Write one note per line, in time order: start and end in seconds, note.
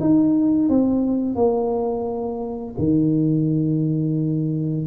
0.00 0.69 D#4
0.69 1.35 C4
1.35 2.75 A#3
2.78 4.87 D#3